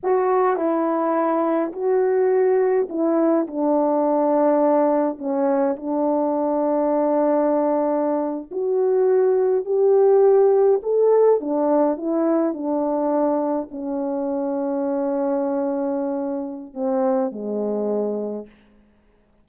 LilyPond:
\new Staff \with { instrumentName = "horn" } { \time 4/4 \tempo 4 = 104 fis'4 e'2 fis'4~ | fis'4 e'4 d'2~ | d'4 cis'4 d'2~ | d'2~ d'8. fis'4~ fis'16~ |
fis'8. g'2 a'4 d'16~ | d'8. e'4 d'2 cis'16~ | cis'1~ | cis'4 c'4 gis2 | }